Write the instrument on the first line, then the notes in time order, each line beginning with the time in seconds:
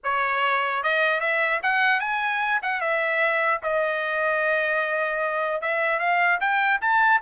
trumpet
0.03 C#5
0.83 D#5
1.20 E5
1.63 F#5
1.99 G#5
2.62 F#5
2.80 E5
3.62 D#5
5.61 E5
5.99 F5
6.40 G5
6.81 A5